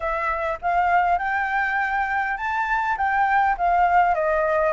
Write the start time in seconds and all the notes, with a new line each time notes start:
0.00 E5
0.61 F5
1.18 G5
2.37 A5
2.97 G5
3.57 F5
4.14 D#5